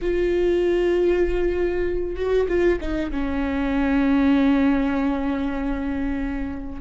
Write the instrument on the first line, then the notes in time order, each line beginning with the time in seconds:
viola
0.01 F4
2.16 F#4
2.48 F4
2.80 D#4
3.11 C#4